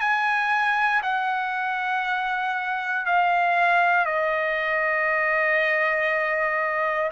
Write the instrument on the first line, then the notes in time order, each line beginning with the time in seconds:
trumpet
0.00 G#5
1.03 F#5
3.06 F5
4.05 D#5